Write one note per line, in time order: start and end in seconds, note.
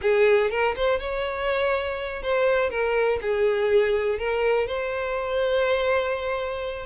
0.01 0.50 G#4
0.50 0.74 A#4
0.76 0.99 C5
0.99 2.22 C#5
2.22 2.70 C5
2.70 3.19 A#4
3.21 4.18 G#4
4.18 4.67 A#4
4.67 6.86 C5